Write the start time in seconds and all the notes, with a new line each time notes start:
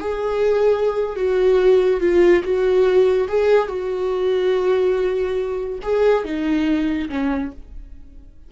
0.00 G#4
1.16 F#4
2.01 F4
2.44 F#4
3.28 G#4
3.68 F#4
5.82 G#4
6.24 D#4
7.09 C#4